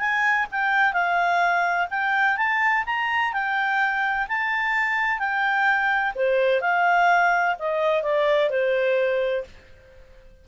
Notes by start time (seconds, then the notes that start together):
0.00 G#5
0.52 G5
0.94 F5
1.91 G5
2.37 A5
2.86 A#5
3.34 G5
4.29 A5
5.19 G5
6.16 C5
6.62 F5
7.60 D#5
8.03 D5
8.50 C5